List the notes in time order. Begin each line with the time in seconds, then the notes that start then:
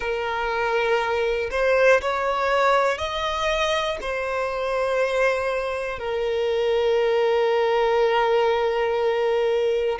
0.00 A#4
1.50 C5
2.00 C#5
2.97 D#5
4.01 C5
5.98 A#4